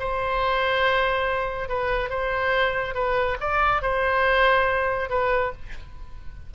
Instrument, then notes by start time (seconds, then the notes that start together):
oboe
0.00 C5
1.69 B4
2.10 C5
2.95 B4
3.41 D5
3.82 C5
5.10 B4